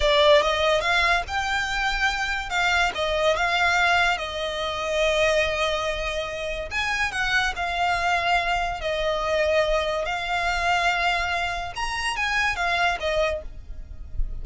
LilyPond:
\new Staff \with { instrumentName = "violin" } { \time 4/4 \tempo 4 = 143 d''4 dis''4 f''4 g''4~ | g''2 f''4 dis''4 | f''2 dis''2~ | dis''1 |
gis''4 fis''4 f''2~ | f''4 dis''2. | f''1 | ais''4 gis''4 f''4 dis''4 | }